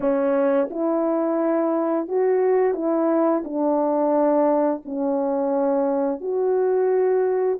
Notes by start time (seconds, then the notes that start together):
0.00 C#4
0.70 E4
2.08 F#4
2.74 E4
3.44 D4
4.85 C#4
6.20 F#4